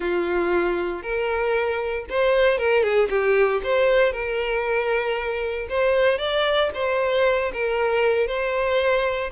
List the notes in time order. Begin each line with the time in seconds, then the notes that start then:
0.00 F4
1.02 A#4
2.09 C5
2.58 A#4
2.83 G#4
3.09 G4
3.63 C5
4.12 A#4
5.69 C5
6.18 D5
6.74 C5
7.53 A#4
8.27 C5